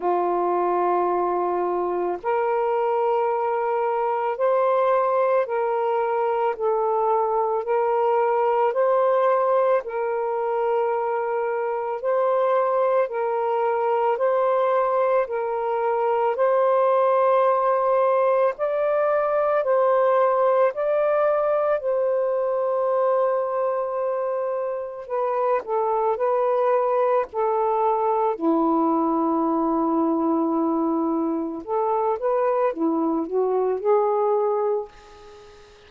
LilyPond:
\new Staff \with { instrumentName = "saxophone" } { \time 4/4 \tempo 4 = 55 f'2 ais'2 | c''4 ais'4 a'4 ais'4 | c''4 ais'2 c''4 | ais'4 c''4 ais'4 c''4~ |
c''4 d''4 c''4 d''4 | c''2. b'8 a'8 | b'4 a'4 e'2~ | e'4 a'8 b'8 e'8 fis'8 gis'4 | }